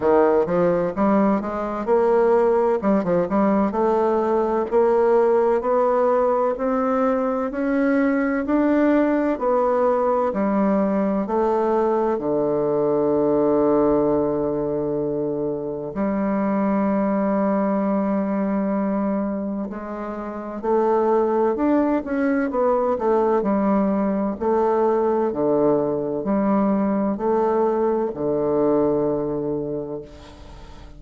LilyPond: \new Staff \with { instrumentName = "bassoon" } { \time 4/4 \tempo 4 = 64 dis8 f8 g8 gis8 ais4 g16 f16 g8 | a4 ais4 b4 c'4 | cis'4 d'4 b4 g4 | a4 d2.~ |
d4 g2.~ | g4 gis4 a4 d'8 cis'8 | b8 a8 g4 a4 d4 | g4 a4 d2 | }